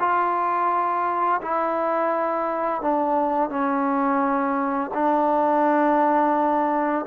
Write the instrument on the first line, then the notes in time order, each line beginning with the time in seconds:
trombone
0.00 F4
1.42 E4
2.82 D4
3.50 C#4
4.94 D4